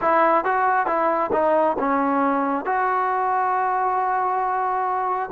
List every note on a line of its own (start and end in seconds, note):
0.01 0.44 E4
0.44 0.86 F#4
0.86 1.30 E4
1.32 1.76 D#4
1.78 2.65 C#4
2.65 5.29 F#4